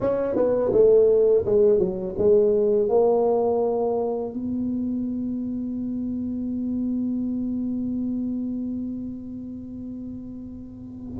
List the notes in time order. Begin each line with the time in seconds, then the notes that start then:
0.00 C#4
0.35 B3
0.72 A3
1.45 G#3
1.78 F#3
2.18 G#3
2.88 A#3
4.33 B3